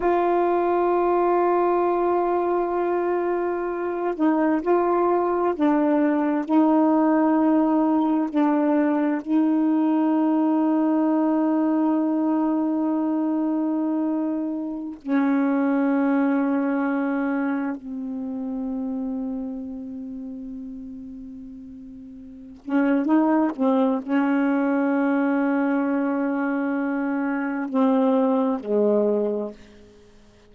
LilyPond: \new Staff \with { instrumentName = "saxophone" } { \time 4/4 \tempo 4 = 65 f'1~ | f'8 dis'8 f'4 d'4 dis'4~ | dis'4 d'4 dis'2~ | dis'1~ |
dis'16 cis'2. c'8.~ | c'1~ | c'8 cis'8 dis'8 c'8 cis'2~ | cis'2 c'4 gis4 | }